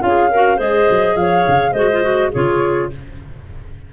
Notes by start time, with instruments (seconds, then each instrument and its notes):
0.00 tuba C#4, clarinet F4, flute F5
0.07 clarinet G#4
0.31 clarinet F#4 A#4
0.57 tuba G#3, clarinet G#4 C5, flute D#5
0.90 tuba F#3
1.16 tuba F3, clarinet C#5, flute F5
1.48 tuba C#3
1.72 tuba G#3, clarinet F#4 C5, flute D#5
1.93 clarinet F4
2.03 clarinet F#4
2.32 tuba C#3, clarinet F4 G#4, flute C#5